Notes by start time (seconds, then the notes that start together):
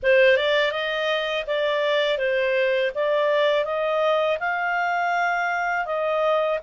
0.02 C5
0.37 D5
0.72 D#5
1.46 D5
2.18 C5
2.94 D5
3.65 D#5
4.39 F5
5.85 D#5